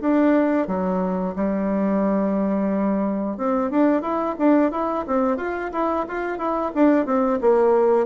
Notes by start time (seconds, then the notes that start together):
0.00 D4
0.67 F#3
1.35 G3
3.37 C4
3.70 D4
4.01 E4
4.38 D4
4.71 E4
5.07 C4
5.37 F4
5.72 E4
6.08 F4
6.38 E4
6.74 D4
7.05 C4
7.41 A#3